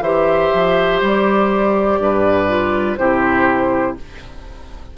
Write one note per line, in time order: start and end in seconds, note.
0.00 0.49 E3
0.00 2.48 G4
0.00 1.99 C5
0.00 1.01 E5
0.54 1.01 F3
1.01 1.99 G3
1.01 2.97 D5
1.99 2.97 G2
1.99 2.99 B4
2.48 2.97 F4
2.97 3.97 C3
2.97 3.97 E4
2.97 3.97 G4
2.97 3.95 C5